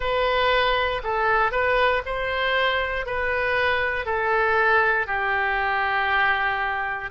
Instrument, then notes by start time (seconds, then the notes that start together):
oboe
0.00 B4
1.03 A4
1.51 B4
2.05 C5
3.06 B4
4.05 A4
5.07 G4